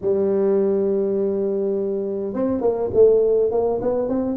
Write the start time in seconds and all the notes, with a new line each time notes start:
0.01 G3
2.33 C4
2.61 A#3
2.93 A3
3.51 A#3
3.81 B3
4.08 C4